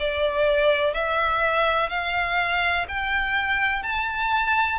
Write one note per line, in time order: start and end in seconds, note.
0.00 0.95 D5
0.95 1.90 E5
1.90 2.87 F5
2.89 3.83 G5
3.83 4.79 A5